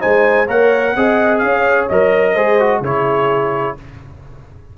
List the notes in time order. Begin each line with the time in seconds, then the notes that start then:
0.00 G#3 D#4 C5 G#5
0.47 A#3 A#4 C#5 F#5
0.96 C4 G#4 D#5
1.39 C#4 F5
1.45 C#5
1.89 F#3 A#4 D#5
2.34 G#3 G#4 C5
2.60 F#4
2.81 C#3 E4 G#4 C#5